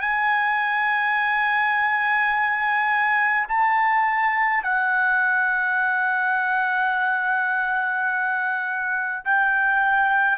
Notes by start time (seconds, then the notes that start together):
0.00 G#5
3.47 A5
4.63 F#5
9.24 G5